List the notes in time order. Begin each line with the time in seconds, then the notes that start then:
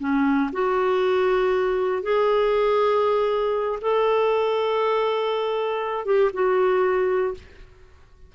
0.00 C#4
0.53 F#4
2.03 G#4
3.82 A4
6.06 G4
6.34 F#4